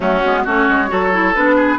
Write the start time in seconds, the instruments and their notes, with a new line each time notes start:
0.00 bassoon F#3, clarinet A3, oboe C#4, flute F#4
0.24 bassoon G#3, clarinet B3
0.44 bassoon A3, clarinet C#4, oboe F#4, flute C#5
0.68 bassoon G#3
0.88 bassoon F#3, clarinet F#4, oboe A4
1.12 clarinet E4
1.35 bassoon B3, clarinet D4, flute B4
1.56 oboe G#4